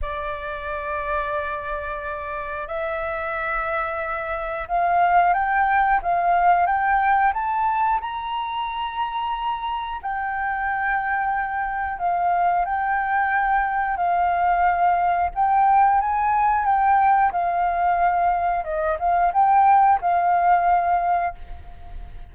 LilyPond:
\new Staff \with { instrumentName = "flute" } { \time 4/4 \tempo 4 = 90 d''1 | e''2. f''4 | g''4 f''4 g''4 a''4 | ais''2. g''4~ |
g''2 f''4 g''4~ | g''4 f''2 g''4 | gis''4 g''4 f''2 | dis''8 f''8 g''4 f''2 | }